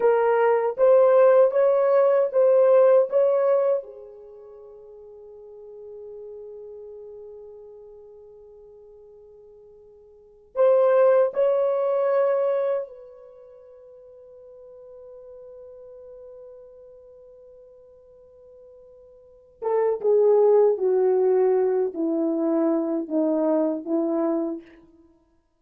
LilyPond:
\new Staff \with { instrumentName = "horn" } { \time 4/4 \tempo 4 = 78 ais'4 c''4 cis''4 c''4 | cis''4 gis'2.~ | gis'1~ | gis'4.~ gis'16 c''4 cis''4~ cis''16~ |
cis''8. b'2.~ b'16~ | b'1~ | b'4. a'8 gis'4 fis'4~ | fis'8 e'4. dis'4 e'4 | }